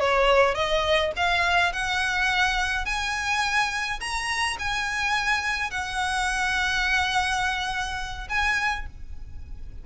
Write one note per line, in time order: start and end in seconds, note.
0.00 0.55 C#5
0.55 1.12 D#5
1.16 1.73 F5
1.73 2.86 F#5
2.86 4.00 G#5
4.00 4.57 A#5
4.59 5.71 G#5
5.71 8.28 F#5
8.29 8.86 G#5